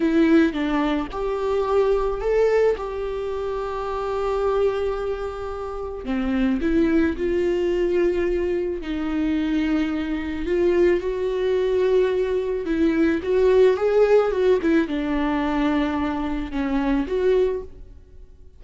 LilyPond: \new Staff \with { instrumentName = "viola" } { \time 4/4 \tempo 4 = 109 e'4 d'4 g'2 | a'4 g'2.~ | g'2. c'4 | e'4 f'2. |
dis'2. f'4 | fis'2. e'4 | fis'4 gis'4 fis'8 e'8 d'4~ | d'2 cis'4 fis'4 | }